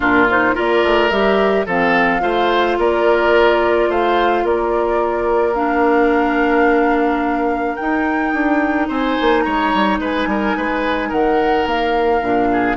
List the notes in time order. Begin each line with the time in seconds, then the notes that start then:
0.00 A#2 D4 F4 A#4
0.29 D#4 C5
0.54 A#3 F4 A#4 D5
0.83 A3
1.10 G3 G4 E5
1.66 F3 C4 A4 F5
2.20 A3 F4 C5
2.78 A#3 A#4 D5
3.88 A3 C5 F5
4.43 A#3 A#4 D5
5.54 D4 F5
7.75 D#4 G5
8.33 D4
8.88 C4 C5 G#5
9.20 A#3
9.41 G#3 C#5 A#5
9.73 G3
9.98 G#3 B4 G#5
10.26 G3 A#4
10.57 G#3 B4
11.08 D#3 A#4 F#5
11.65 A#3 F5
12.21 A#2 D4
12.52 G#4